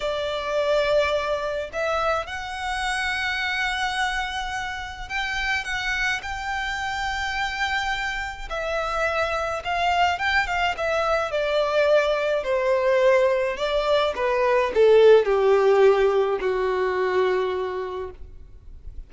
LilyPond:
\new Staff \with { instrumentName = "violin" } { \time 4/4 \tempo 4 = 106 d''2. e''4 | fis''1~ | fis''4 g''4 fis''4 g''4~ | g''2. e''4~ |
e''4 f''4 g''8 f''8 e''4 | d''2 c''2 | d''4 b'4 a'4 g'4~ | g'4 fis'2. | }